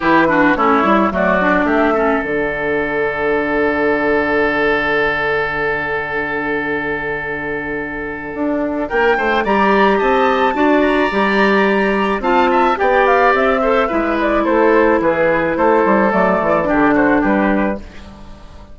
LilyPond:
<<
  \new Staff \with { instrumentName = "flute" } { \time 4/4 \tempo 4 = 108 b'4 cis''4 d''4 e''4 | fis''1~ | fis''1~ | fis''1 |
g''4 ais''4 a''4. ais''8~ | ais''2 a''4 g''8 f''8 | e''4. d''8 c''4 b'4 | c''4 d''4. c''8 b'4 | }
  \new Staff \with { instrumentName = "oboe" } { \time 4/4 g'8 fis'8 e'4 fis'4 g'8 a'8~ | a'1~ | a'1~ | a'1 |
ais'8 c''8 d''4 dis''4 d''4~ | d''2 f''8 e''8 d''4~ | d''8 c''8 b'4 a'4 gis'4 | a'2 g'8 fis'8 g'4 | }
  \new Staff \with { instrumentName = "clarinet" } { \time 4/4 e'8 d'8 cis'8 e'8 a8 d'4 cis'8 | d'1~ | d'1~ | d'1~ |
d'4 g'2 fis'4 | g'2 f'4 g'4~ | g'8 a'8 e'2.~ | e'4 a4 d'2 | }
  \new Staff \with { instrumentName = "bassoon" } { \time 4/4 e4 a8 g8 fis4 a4 | d1~ | d1~ | d2. d'4 |
ais8 a8 g4 c'4 d'4 | g2 c'4 b4 | c'4 gis4 a4 e4 | a8 g8 fis8 e8 d4 g4 | }
>>